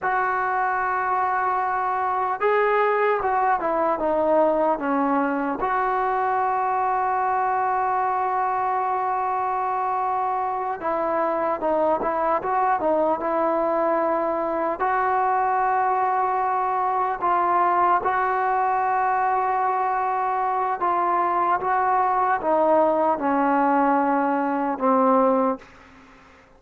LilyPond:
\new Staff \with { instrumentName = "trombone" } { \time 4/4 \tempo 4 = 75 fis'2. gis'4 | fis'8 e'8 dis'4 cis'4 fis'4~ | fis'1~ | fis'4. e'4 dis'8 e'8 fis'8 |
dis'8 e'2 fis'4.~ | fis'4. f'4 fis'4.~ | fis'2 f'4 fis'4 | dis'4 cis'2 c'4 | }